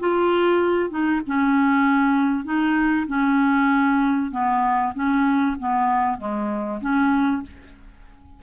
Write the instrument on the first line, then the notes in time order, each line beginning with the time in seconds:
clarinet
0.00 F4
0.90 D#4
1.27 C#4
2.45 D#4
3.08 C#4
4.32 B3
4.95 C#4
5.60 B3
6.19 G#3
6.81 C#4